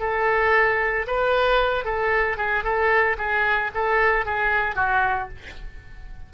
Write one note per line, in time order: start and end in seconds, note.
0.00 1.06 A4
1.07 1.85 B4
1.85 2.37 A4
2.37 2.64 G#4
2.64 3.17 A4
3.18 3.71 G#4
3.75 4.26 A4
4.26 4.76 G#4
4.76 5.29 F#4